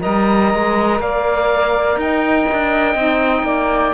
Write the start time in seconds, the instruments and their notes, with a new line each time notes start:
0.00 cello G3, saxophone A#4, flute D#5, oboe A#5
0.54 cello G#3
1.00 cello A#3, flute D5, oboe F5
1.96 cello D#4, flute D#5, oboe G5
2.52 cello D4
2.95 cello C4, saxophone D#4
3.43 cello A#3, flute D5